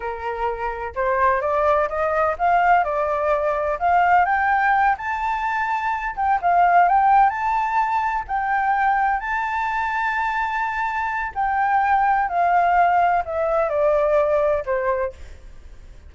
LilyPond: \new Staff \with { instrumentName = "flute" } { \time 4/4 \tempo 4 = 127 ais'2 c''4 d''4 | dis''4 f''4 d''2 | f''4 g''4. a''4.~ | a''4 g''8 f''4 g''4 a''8~ |
a''4. g''2 a''8~ | a''1 | g''2 f''2 | e''4 d''2 c''4 | }